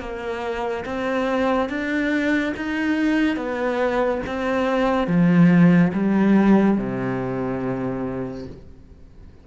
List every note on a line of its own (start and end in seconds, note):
0.00 0.85 A#3
0.85 1.69 C4
1.69 2.54 D4
2.57 3.36 D#4
3.36 4.21 B3
4.26 5.07 C4
5.07 5.92 F3
5.93 6.78 G3
6.78 8.47 C3